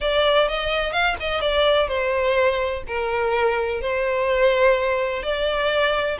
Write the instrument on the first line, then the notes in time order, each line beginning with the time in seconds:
violin
0.00 D5
0.48 D#5
0.92 F5
1.20 D#5
1.40 D5
1.87 C5
2.87 A#4
3.81 C5
5.23 D5